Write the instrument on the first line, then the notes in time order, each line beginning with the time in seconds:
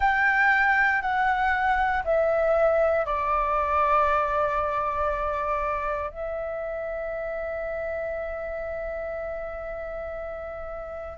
flute
0.00 G5
1.01 F#5
2.04 E5
3.05 D5
6.10 E5